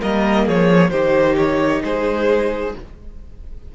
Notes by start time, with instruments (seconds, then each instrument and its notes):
0.00 cello G3, viola A#3, violin A#4 D#5
0.45 cello F3, violin G#4 C#5
0.90 cello D#3, viola D#4, violin G4 C5
1.37 violin C#5
1.84 cello G#3, violin G#4 C5